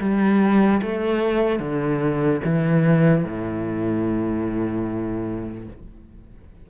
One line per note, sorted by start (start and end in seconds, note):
0.00 0.81 G3
0.82 1.59 A3
1.59 2.40 D3
2.44 3.24 E3
3.24 5.67 A2